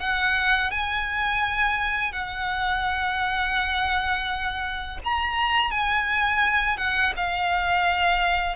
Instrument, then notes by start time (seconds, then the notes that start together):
violin
0.00 F#5
0.71 G#5
2.13 F#5
5.05 A#5
5.71 G#5
6.78 F#5
7.17 F5